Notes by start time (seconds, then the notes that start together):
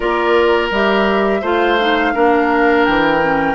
0.00 A#3 F4 A#4 D5
0.70 G3 G4 E5
1.41 A3 F4 C5 F5
1.79 D#4
2.14 A#3 D4 A#4
2.85 E3 G5
3.21 C#4